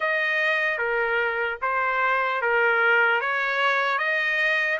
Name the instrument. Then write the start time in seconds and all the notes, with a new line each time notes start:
trumpet
0.00 D#5
0.78 A#4
1.61 C5
2.41 A#4
3.20 C#5
3.98 D#5